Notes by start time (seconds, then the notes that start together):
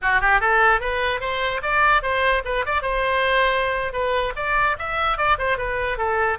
0.02 F#4
0.20 G4
0.40 A4
0.80 B4
1.20 C5
1.62 D5
2.02 C5
2.45 B4
2.65 D5
2.82 C5
3.92 B4
4.36 D5
4.78 E5
5.17 D5
5.38 C5
5.57 B4
5.97 A4